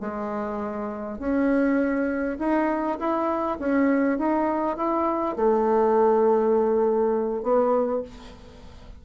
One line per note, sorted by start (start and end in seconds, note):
0.00 1.18 G#3
1.18 2.37 C#4
2.39 2.98 D#4
2.99 3.58 E4
3.59 4.18 C#4
4.18 4.76 D#4
4.76 5.36 E4
5.36 7.42 A3
7.42 8.02 B3